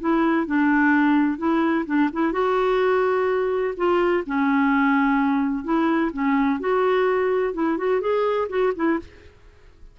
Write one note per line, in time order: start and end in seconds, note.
0.00 0.46 E4
0.46 1.38 D4
1.38 1.85 E4
1.86 2.10 D4
2.13 2.32 E4
2.32 3.74 F#4
3.77 4.24 F4
4.26 5.64 C#4
5.64 6.11 E4
6.13 6.60 C#4
6.60 7.54 F#4
7.54 7.77 E4
7.77 8.01 F#4
8.01 8.48 G#4
8.49 8.73 F#4
8.76 8.99 E4